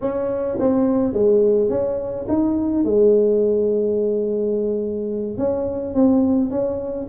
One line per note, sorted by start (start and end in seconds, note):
0.01 0.57 C#4
0.59 1.13 C4
1.13 1.69 G#3
1.69 2.26 C#4
2.28 2.84 D#4
2.84 5.37 G#3
5.37 5.94 C#4
5.94 6.50 C4
6.50 7.07 C#4